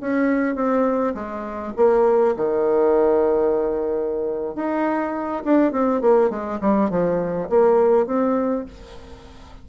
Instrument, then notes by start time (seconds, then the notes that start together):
bassoon
0.00 C#4
0.55 C4
1.14 G#3
1.76 A#3
2.36 D#3
4.55 D#4
5.44 D4
5.72 C4
6.01 A#3
6.29 G#3
6.60 G3
6.90 F3
7.49 A#3
8.06 C4